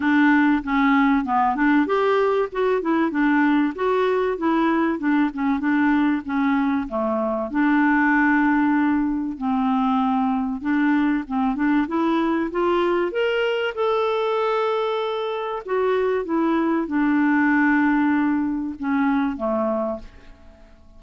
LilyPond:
\new Staff \with { instrumentName = "clarinet" } { \time 4/4 \tempo 4 = 96 d'4 cis'4 b8 d'8 g'4 | fis'8 e'8 d'4 fis'4 e'4 | d'8 cis'8 d'4 cis'4 a4 | d'2. c'4~ |
c'4 d'4 c'8 d'8 e'4 | f'4 ais'4 a'2~ | a'4 fis'4 e'4 d'4~ | d'2 cis'4 a4 | }